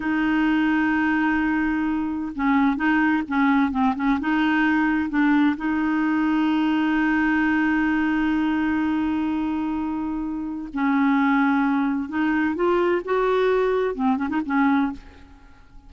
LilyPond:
\new Staff \with { instrumentName = "clarinet" } { \time 4/4 \tempo 4 = 129 dis'1~ | dis'4 cis'4 dis'4 cis'4 | c'8 cis'8 dis'2 d'4 | dis'1~ |
dis'1~ | dis'2. cis'4~ | cis'2 dis'4 f'4 | fis'2 c'8 cis'16 dis'16 cis'4 | }